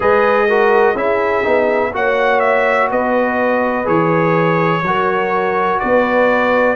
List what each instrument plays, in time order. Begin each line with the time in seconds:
0.00 tuba G#3, trombone G#4, horn B4, trumpet D#5
0.48 trombone F#4, horn A#4
0.94 tuba C#4, trombone E4, horn G#4, trumpet E5
1.43 tuba B3, trombone D#4
1.93 tuba A#3, trombone F#4, horn C#5, trumpet F#5
2.39 trumpet E5
2.91 tuba B3, horn B4, trumpet D#5
3.84 tuba E3, trombone G#4, trumpet C#5
4.82 tuba F#3, trombone F#4, horn A#4
5.79 tuba B3, horn B4, trumpet D5